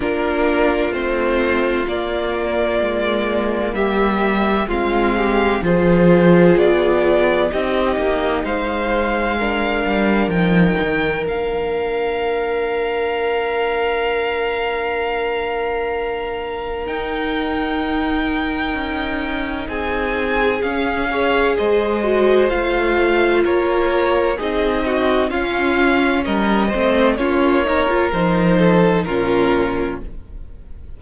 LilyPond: <<
  \new Staff \with { instrumentName = "violin" } { \time 4/4 \tempo 4 = 64 ais'4 c''4 d''2 | e''4 f''4 c''4 d''4 | dis''4 f''2 g''4 | f''1~ |
f''2 g''2~ | g''4 gis''4 f''4 dis''4 | f''4 cis''4 dis''4 f''4 | dis''4 cis''4 c''4 ais'4 | }
  \new Staff \with { instrumentName = "violin" } { \time 4/4 f'1 | g'4 f'8 g'8 gis'2 | g'4 c''4 ais'2~ | ais'1~ |
ais'1~ | ais'4 gis'4. cis''8 c''4~ | c''4 ais'4 gis'8 fis'8 f'4 | ais'8 c''8 f'8 ais'4 a'8 f'4 | }
  \new Staff \with { instrumentName = "viola" } { \time 4/4 d'4 c'4 ais2~ | ais4 c'4 f'2 | dis'2 d'4 dis'4 | d'1~ |
d'2 dis'2~ | dis'2 cis'8 gis'4 fis'8 | f'2 dis'4 cis'4~ | cis'8 c'8 cis'8 dis'16 f'16 dis'4 cis'4 | }
  \new Staff \with { instrumentName = "cello" } { \time 4/4 ais4 a4 ais4 gis4 | g4 gis4 f4 b4 | c'8 ais8 gis4. g8 f8 dis8 | ais1~ |
ais2 dis'2 | cis'4 c'4 cis'4 gis4 | a4 ais4 c'4 cis'4 | g8 a8 ais4 f4 ais,4 | }
>>